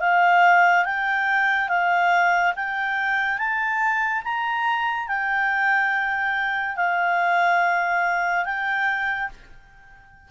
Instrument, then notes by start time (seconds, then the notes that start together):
clarinet
0.00 F5
0.85 G5
1.68 F5
2.55 G5
3.38 A5
4.24 A#5
5.07 G5
6.76 F5
8.45 G5